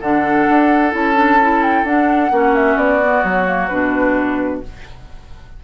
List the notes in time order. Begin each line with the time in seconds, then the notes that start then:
0.00 D3 D4 A4 F#5
0.49 D4
0.91 C#4 E4 A5
1.15 D4
1.41 E4
1.63 G5
1.84 D4 F#5
2.31 A#3 C#4 F#4
2.55 E5
2.76 B3 D5
3.02 B3
3.23 F#3 C#5
3.45 A#3
3.68 B2 D4 B4